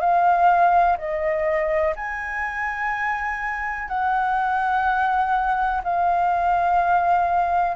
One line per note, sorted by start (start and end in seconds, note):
0.00 0.97 F5
0.97 1.94 D#5
1.95 3.88 G#5
3.88 5.82 F#5
5.83 7.76 F5